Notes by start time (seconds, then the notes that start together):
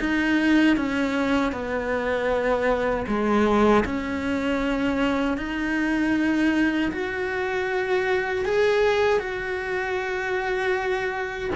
0.00 D#4
0.77 C#4
1.52 B3
3.08 G#3
3.85 C#4
5.38 D#4
6.92 F#4
8.45 G#4
9.20 F#4